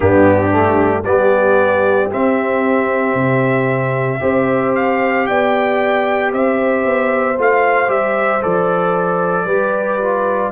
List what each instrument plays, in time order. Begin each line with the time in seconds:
0.00 tuba G2, trombone B3, horn D4, trumpet G4
0.51 trombone A3
1.04 tuba G3, trombone B3, horn G4, trumpet D5
2.10 trombone C4, tuba C4, trumpet E5
3.14 tuba C3
4.19 tuba C4, trombone G4, horn C5
4.75 trumpet F5
5.26 tuba B3, horn D5, trumpet G5
6.32 tuba C4, horn C5, trumpet E5
6.85 tuba B3
7.38 tuba A3, trombone F4, trumpet F5
7.87 tuba G3, trombone G4, trumpet E5
8.41 tuba F3, trombone A4, trumpet D5
9.45 tuba G3, trombone G4, horn B4
10.01 trombone F4